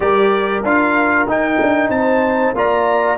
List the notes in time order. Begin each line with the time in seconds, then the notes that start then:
0.00 G3 G4 A#4 D5
0.62 D4 F4 F5
1.26 D#4 G5
1.60 D4
1.88 C4 A5
1.95 C5
2.53 A#3 F4 D5 A#5